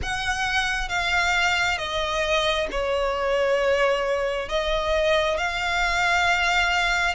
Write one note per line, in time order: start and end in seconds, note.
0.02 0.88 F#5
0.88 1.78 F5
1.78 2.67 D#5
2.71 4.49 C#5
4.49 5.37 D#5
5.37 7.14 F5